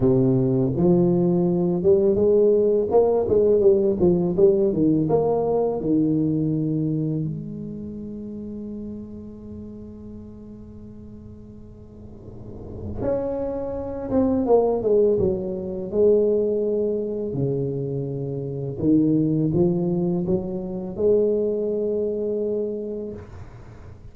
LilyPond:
\new Staff \with { instrumentName = "tuba" } { \time 4/4 \tempo 4 = 83 c4 f4. g8 gis4 | ais8 gis8 g8 f8 g8 dis8 ais4 | dis2 gis2~ | gis1~ |
gis2 cis'4. c'8 | ais8 gis8 fis4 gis2 | cis2 dis4 f4 | fis4 gis2. | }